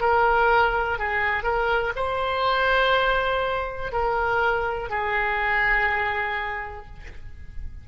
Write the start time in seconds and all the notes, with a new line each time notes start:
0.00 A#4
0.98 G#4
1.43 A#4
1.95 C5
3.92 A#4
4.90 G#4